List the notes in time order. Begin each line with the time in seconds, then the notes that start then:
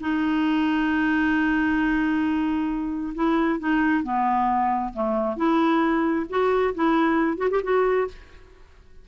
0.00 D#4
3.14 E4
3.59 D#4
4.03 B3
4.93 A3
5.36 E4
6.29 F#4
6.74 E4
7.37 F#4
7.50 G4
7.63 F#4